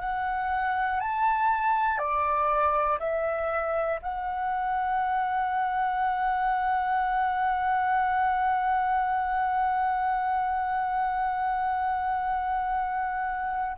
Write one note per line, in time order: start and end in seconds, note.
0.00 1.00 F#5
1.00 1.98 A5
1.98 2.98 D5
2.99 3.99 E5
4.02 13.77 F#5